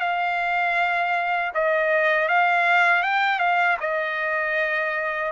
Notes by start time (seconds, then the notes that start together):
0.00 F5
1.54 D#5
2.28 F5
3.02 G5
3.39 F5
3.80 D#5